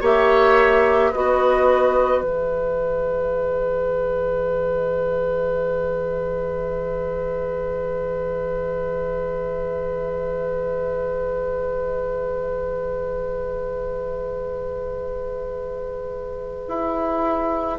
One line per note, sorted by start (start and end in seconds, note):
0.00 1.12 A#3
0.00 1.12 G4
0.00 1.11 C#5
0.00 1.12 E5
1.11 2.21 B3
1.11 2.24 F#4
1.11 17.77 B4
1.11 2.22 D#5
2.21 16.66 E3
2.21 17.78 G#4
2.21 17.77 E5
16.68 17.78 E4